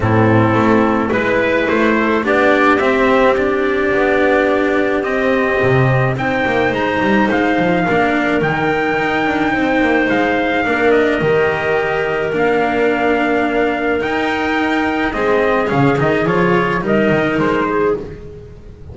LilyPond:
<<
  \new Staff \with { instrumentName = "trumpet" } { \time 4/4 \tempo 4 = 107 a'2 b'4 c''4 | d''4 e''4 d''2~ | d''4 dis''2 g''4 | ais''4 f''2 g''4~ |
g''2 f''4. dis''8~ | dis''2 f''2~ | f''4 g''2 dis''4 | f''8 dis''8 cis''4 dis''4 c''4 | }
  \new Staff \with { instrumentName = "clarinet" } { \time 4/4 e'2 b'4. a'8 | g'1~ | g'2. c''4~ | c''2 ais'2~ |
ais'4 c''2 ais'4~ | ais'1~ | ais'2. gis'4~ | gis'2 ais'4. gis'8 | }
  \new Staff \with { instrumentName = "cello" } { \time 4/4 c'2 e'2 | d'4 c'4 d'2~ | d'4 c'2 dis'4~ | dis'2 d'4 dis'4~ |
dis'2. d'4 | g'2 d'2~ | d'4 dis'2 c'4 | cis'8 dis'8 f'4 dis'2 | }
  \new Staff \with { instrumentName = "double bass" } { \time 4/4 a,4 a4 gis4 a4 | b4 c'2 b4~ | b4 c'4 c4 c'8 ais8 | gis8 g8 gis8 f8 ais4 dis4 |
dis'8 d'8 c'8 ais8 gis4 ais4 | dis2 ais2~ | ais4 dis'2 gis4 | cis8 dis8 f4 g8 dis8 gis4 | }
>>